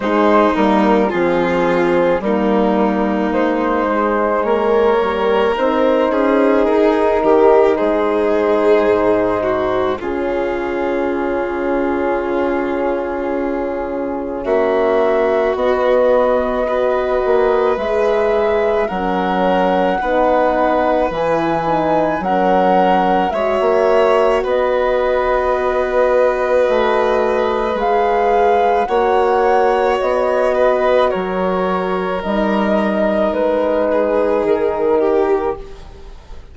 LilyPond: <<
  \new Staff \with { instrumentName = "flute" } { \time 4/4 \tempo 4 = 54 c''8 ais'8 gis'4 ais'4 c''4 | cis''4 c''4 ais'4 c''4~ | c''4 gis'2.~ | gis'4 e''4 dis''2 |
e''4 fis''2 gis''4 | fis''4 e''4 dis''2~ | dis''4 f''4 fis''4 dis''4 | cis''4 dis''4 b'4 ais'4 | }
  \new Staff \with { instrumentName = "violin" } { \time 4/4 dis'4 f'4 dis'2 | ais'4. gis'4 g'8 gis'4~ | gis'8 fis'8 f'2.~ | f'4 fis'2 b'4~ |
b'4 ais'4 b'2 | ais'4 cis''4 b'2~ | b'2 cis''4. b'8 | ais'2~ ais'8 gis'4 g'8 | }
  \new Staff \with { instrumentName = "horn" } { \time 4/4 gis8 ais8 c'4 ais4. gis8~ | gis8 g8 dis'2.~ | dis'4 cis'2.~ | cis'2 b4 fis'4 |
gis'4 cis'4 dis'4 e'8 dis'8 | cis'4 fis'2.~ | fis'4 gis'4 fis'2~ | fis'4 dis'2. | }
  \new Staff \with { instrumentName = "bassoon" } { \time 4/4 gis8 g8 f4 g4 gis4 | ais4 c'8 cis'8 dis'8 dis8 gis4 | gis,4 cis2.~ | cis4 ais4 b4. ais8 |
gis4 fis4 b4 e4 | fis4 gis16 ais8. b2 | a4 gis4 ais4 b4 | fis4 g4 gis4 dis4 | }
>>